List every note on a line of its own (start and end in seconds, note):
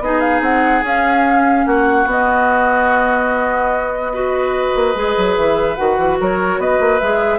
0.00 0.41 B3
0.00 0.83 D#4
0.00 1.66 G#4
0.00 0.21 D#5
0.21 0.41 F5
0.41 0.82 C4
0.41 0.84 F#5
0.83 1.65 C#4
0.83 2.07 C#4
0.83 1.67 F5
1.66 2.05 A#3
1.66 4.13 F#4
1.66 2.08 F#5
2.05 4.73 B3
2.05 4.12 B3
2.05 5.36 D#5
4.13 4.95 F#4
4.13 6.19 B4
4.75 4.95 A#3
4.95 5.15 G#3
4.95 5.77 G#4
5.17 5.37 F#3
5.36 5.78 E3
5.36 5.76 E5
5.76 5.98 D#3
5.76 7.00 F#4
5.76 6.17 F#5
5.98 6.19 E3
6.20 6.58 F#3
6.20 6.61 A#4
6.20 6.61 C#5
6.58 6.79 B3
6.58 7.39 B4
6.58 7.00 D#5
6.80 7.01 A#3
7.00 7.39 G#3
7.00 7.39 G#4
7.00 7.39 E5